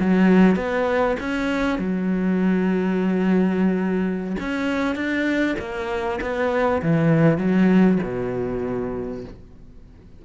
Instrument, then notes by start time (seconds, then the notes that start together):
cello
0.00 F#3
0.56 B3
1.20 C#4
1.79 F#3
4.40 C#4
4.95 D4
5.59 A#3
6.21 B3
6.82 E3
7.38 F#3
8.03 B2